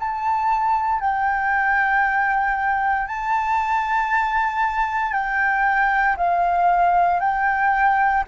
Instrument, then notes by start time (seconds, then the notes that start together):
flute
0.00 A5
1.01 G5
3.08 A5
5.13 G5
6.17 F5
7.20 G5